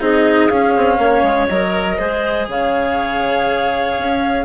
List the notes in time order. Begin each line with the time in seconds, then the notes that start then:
0.00 C4 D#4 G#4 D#5
0.48 C#4 F5
0.77 C4
0.96 A#3 C#5
1.23 G#3
1.48 F#3 A#4 D#5
1.98 G#3 G#4 C5
2.48 C#3 C#5 F5
3.98 C#4